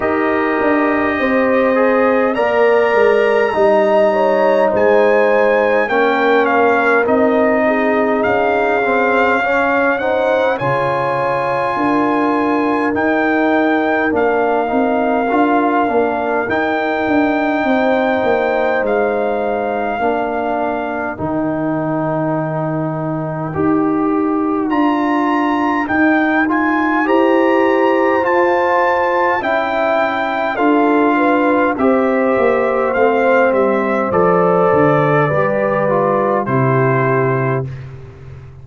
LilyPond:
<<
  \new Staff \with { instrumentName = "trumpet" } { \time 4/4 \tempo 4 = 51 dis''2 ais''2 | gis''4 g''8 f''8 dis''4 f''4~ | f''8 fis''8 gis''2 g''4 | f''2 g''2 |
f''2 g''2~ | g''4 ais''4 g''8 gis''8 ais''4 | a''4 g''4 f''4 e''4 | f''8 e''8 d''2 c''4 | }
  \new Staff \with { instrumentName = "horn" } { \time 4/4 ais'4 c''4 d''4 dis''8 cis''8 | c''4 ais'4. gis'4. | cis''8 c''8 cis''4 ais'2~ | ais'2. c''4~ |
c''4 ais'2.~ | ais'2. c''4~ | c''4 e''4 a'8 b'8 c''4~ | c''2 b'4 g'4 | }
  \new Staff \with { instrumentName = "trombone" } { \time 4/4 g'4. gis'8 ais'4 dis'4~ | dis'4 cis'4 dis'4. c'8 | cis'8 dis'8 f'2 dis'4 | d'8 dis'8 f'8 d'8 dis'2~ |
dis'4 d'4 dis'2 | g'4 f'4 dis'8 f'8 g'4 | f'4 e'4 f'4 g'4 | c'4 a'4 g'8 f'8 e'4 | }
  \new Staff \with { instrumentName = "tuba" } { \time 4/4 dis'8 d'8 c'4 ais8 gis8 g4 | gis4 ais4 c'4 cis'4~ | cis'4 cis4 d'4 dis'4 | ais8 c'8 d'8 ais8 dis'8 d'8 c'8 ais8 |
gis4 ais4 dis2 | dis'4 d'4 dis'4 e'4 | f'4 cis'4 d'4 c'8 ais8 | a8 g8 f8 d8 g4 c4 | }
>>